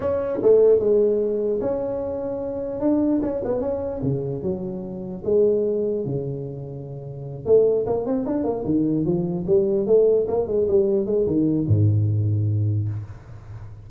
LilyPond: \new Staff \with { instrumentName = "tuba" } { \time 4/4 \tempo 4 = 149 cis'4 a4 gis2 | cis'2. d'4 | cis'8 b8 cis'4 cis4 fis4~ | fis4 gis2 cis4~ |
cis2~ cis8 a4 ais8 | c'8 d'8 ais8 dis4 f4 g8~ | g8 a4 ais8 gis8 g4 gis8 | dis4 gis,2. | }